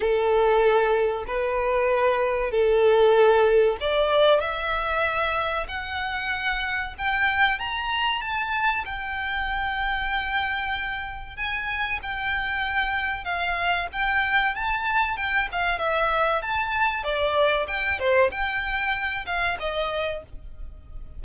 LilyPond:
\new Staff \with { instrumentName = "violin" } { \time 4/4 \tempo 4 = 95 a'2 b'2 | a'2 d''4 e''4~ | e''4 fis''2 g''4 | ais''4 a''4 g''2~ |
g''2 gis''4 g''4~ | g''4 f''4 g''4 a''4 | g''8 f''8 e''4 a''4 d''4 | g''8 c''8 g''4. f''8 dis''4 | }